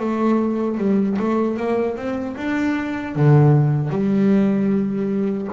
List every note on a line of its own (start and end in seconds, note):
0.00 0.78 A3
0.78 1.17 G3
1.19 1.57 A3
1.57 1.97 A#3
1.97 2.36 C4
2.36 3.15 D4
3.15 3.90 D3
3.90 5.48 G3